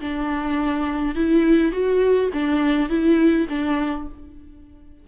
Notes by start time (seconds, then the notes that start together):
0.00 D4
1.15 E4
1.72 F#4
2.32 D4
2.89 E4
3.49 D4